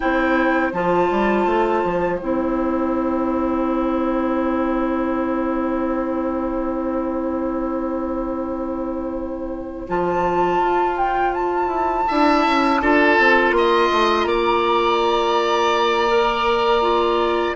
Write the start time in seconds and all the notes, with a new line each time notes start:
0.00 C4 E4 C5 G5
0.72 F3 F4 A5
1.10 G3
1.46 A3
1.84 F3
2.16 C4 E4 G5
9.87 F3 F4 A5
10.60 F4
10.97 G5
11.33 A5
11.67 E4
12.07 D4 E4 E5
12.46 C#4
12.81 D4 F4 A4
13.18 C4
13.51 A#3 C6
13.57 D#5
13.92 A3
14.24 A#3 D5 A#5
16.08 A#4
16.81 F4